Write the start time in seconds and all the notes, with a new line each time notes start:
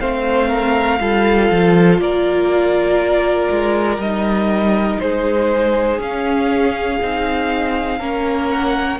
0.00 A3 C4 C5 F5
0.48 A#4
1.00 G3 F4 A4
1.51 F3
1.98 A#3 A#4 D5
3.51 G#3
3.97 G3 D#4 D#5
5.00 G#3 G#4 C5
5.98 C#4 F5
7.01 C4 D#4
7.99 A#3 C#4 A#4
8.50 F#5